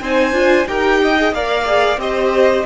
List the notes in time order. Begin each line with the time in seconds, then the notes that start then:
0.00 C4 D#4 C5 G#5
0.32 D4 F4
0.67 D#4 G4 A#4 G5
1.02 D#5
1.17 G#4
1.31 A#3 A#4 D5 F5
1.65 G#4
1.97 C4 G4 C5 D#5